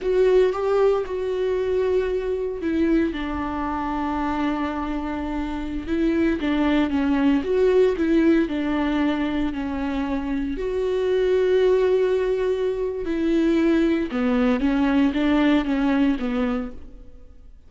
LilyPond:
\new Staff \with { instrumentName = "viola" } { \time 4/4 \tempo 4 = 115 fis'4 g'4 fis'2~ | fis'4 e'4 d'2~ | d'2.~ d'16 e'8.~ | e'16 d'4 cis'4 fis'4 e'8.~ |
e'16 d'2 cis'4.~ cis'16~ | cis'16 fis'2.~ fis'8.~ | fis'4 e'2 b4 | cis'4 d'4 cis'4 b4 | }